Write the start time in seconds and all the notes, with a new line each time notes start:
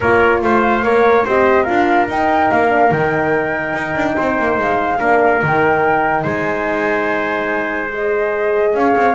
0.00 A#3 F4 A#4 C#5
0.41 A3 C5 F5
0.83 A#3 A#4 C#5
1.25 C4 G4 C5 D#5
1.63 D4 F4 A#4 F5
2.08 D#4 G5
2.51 A#3 F5
2.68 D4
2.91 D#3 D#4 G5
3.73 D#4
3.95 D4
4.16 C4 C5
4.38 A#3
4.58 G#3 F5
4.99 A#3 D4 A#4
5.40 D#3 D#4 G5
6.22 G#3 C5 G#5
7.91 G#4 D#5
8.74 C#4 C#5 F5
8.96 C4